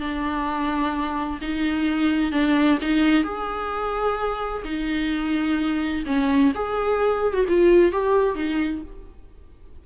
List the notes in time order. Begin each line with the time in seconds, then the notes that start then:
0.00 D4
1.41 D#4
2.32 D4
2.82 D#4
3.23 G#4
4.64 D#4
6.06 C#4
6.55 G#4
7.34 F#4
7.48 F4
7.92 G4
8.35 D#4